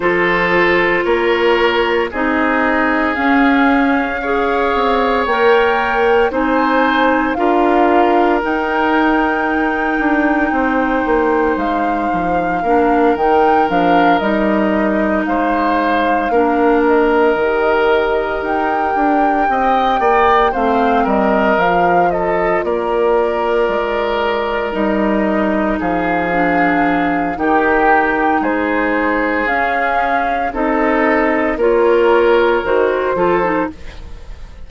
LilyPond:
<<
  \new Staff \with { instrumentName = "flute" } { \time 4/4 \tempo 4 = 57 c''4 cis''4 dis''4 f''4~ | f''4 g''4 gis''4 f''4 | g''2. f''4~ | f''8 g''8 f''8 dis''4 f''4. |
dis''4. g''2 f''8 | dis''8 f''8 dis''8 d''2 dis''8~ | dis''8 f''4. g''4 c''4 | f''4 dis''4 cis''4 c''4 | }
  \new Staff \with { instrumentName = "oboe" } { \time 4/4 a'4 ais'4 gis'2 | cis''2 c''4 ais'4~ | ais'2 c''2 | ais'2~ ais'8 c''4 ais'8~ |
ais'2~ ais'8 dis''8 d''8 c''8 | ais'4 a'8 ais'2~ ais'8~ | ais'8 gis'4. g'4 gis'4~ | gis'4 a'4 ais'4. a'8 | }
  \new Staff \with { instrumentName = "clarinet" } { \time 4/4 f'2 dis'4 cis'4 | gis'4 ais'4 dis'4 f'4 | dis'1 | d'8 dis'8 d'8 dis'2 d'8~ |
d'8 g'2. c'8~ | c'8 f'2. dis'8~ | dis'4 d'4 dis'2 | cis'4 dis'4 f'4 fis'8 f'16 dis'16 | }
  \new Staff \with { instrumentName = "bassoon" } { \time 4/4 f4 ais4 c'4 cis'4~ | cis'8 c'8 ais4 c'4 d'4 | dis'4. d'8 c'8 ais8 gis8 f8 | ais8 dis8 f8 g4 gis4 ais8~ |
ais8 dis4 dis'8 d'8 c'8 ais8 a8 | g8 f4 ais4 gis4 g8~ | g8 f4. dis4 gis4 | cis'4 c'4 ais4 dis8 f8 | }
>>